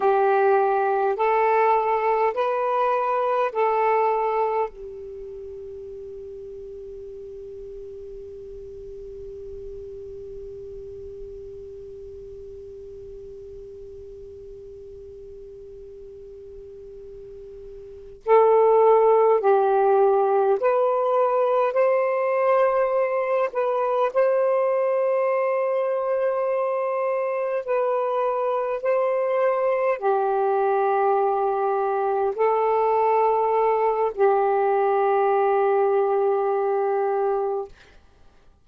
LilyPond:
\new Staff \with { instrumentName = "saxophone" } { \time 4/4 \tempo 4 = 51 g'4 a'4 b'4 a'4 | g'1~ | g'1~ | g'2.~ g'8 a'8~ |
a'8 g'4 b'4 c''4. | b'8 c''2. b'8~ | b'8 c''4 g'2 a'8~ | a'4 g'2. | }